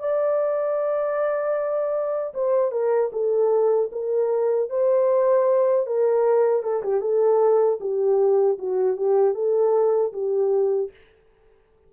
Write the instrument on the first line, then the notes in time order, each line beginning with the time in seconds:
horn
0.00 D5
2.34 C5
2.72 A#4
3.13 A4
3.92 A#4
4.70 C5
5.87 A#4
6.63 A4
6.83 G4
7.01 A4
7.81 G4
8.59 F#4
8.97 G4
9.35 A4
10.13 G4